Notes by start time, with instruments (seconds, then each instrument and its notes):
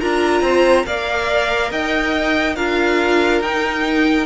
0.00 cello D4, viola F4, violin A#4 A#5
0.41 cello C4, violin C5
0.85 cello A#3, viola A#4, violin D5 F5
1.71 cello D#4, violin D#5 G5
2.56 cello D4, viola F4, violin A#4 F5
3.41 cello D#4, viola D#4, violin G5